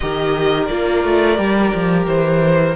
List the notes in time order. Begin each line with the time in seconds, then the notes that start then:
0.00 D#3 G4 A#4 D#5
0.66 A#3 F4 D5
1.04 A3
1.36 G3 G4
1.74 F3
2.06 E3 C5